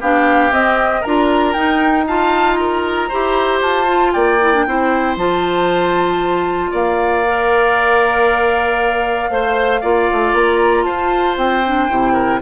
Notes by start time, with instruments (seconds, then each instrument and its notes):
0.00 bassoon B3, clarinet D4, oboe G4, flute F5
0.51 bassoon C4, clarinet C4, flute D#5
1.00 bassoon D4, clarinet F4, oboe A#4, flute A#5
1.53 bassoon D#4, clarinet D#4, flute G5
2.07 clarinet F4, oboe F5, flute A5
2.54 oboe A#4, flute A#5
3.08 bassoon E4, clarinet G4, oboe C5
3.62 bassoon F4, flute A5
3.87 clarinet F4
4.12 bassoon A#3, oboe D5, flute G5
4.41 clarinet E4
4.54 clarinet D4
4.66 bassoon C4, clarinet E4, oboe C5
5.16 bassoon F3, clarinet F4, flute A5
6.71 bassoon A#3, oboe D5, flute F5
7.27 clarinet A#4
9.30 bassoon A3, clarinet C5, oboe C5
9.81 bassoon A#3, clarinet F4, oboe D5
10.12 bassoon A3
10.33 bassoon A#3, flute A#5
10.83 bassoon F4, oboe C5, flute A5
11.37 bassoon C4, flute G5
11.65 clarinet D4
11.89 bassoon C3, clarinet E4
12.13 oboe A#4